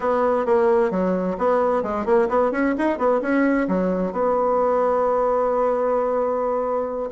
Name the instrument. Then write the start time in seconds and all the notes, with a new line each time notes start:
bassoon
0.00 B3
0.45 A#3
0.91 F#3
1.38 B3
1.83 G#3
2.05 A#3
2.28 B3
2.51 C#4
2.78 D#4
2.98 B3
3.21 C#4
3.68 F#3
4.12 B3